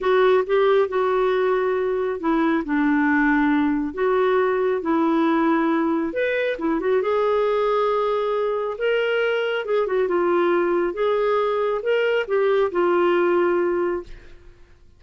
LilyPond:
\new Staff \with { instrumentName = "clarinet" } { \time 4/4 \tempo 4 = 137 fis'4 g'4 fis'2~ | fis'4 e'4 d'2~ | d'4 fis'2 e'4~ | e'2 b'4 e'8 fis'8 |
gis'1 | ais'2 gis'8 fis'8 f'4~ | f'4 gis'2 ais'4 | g'4 f'2. | }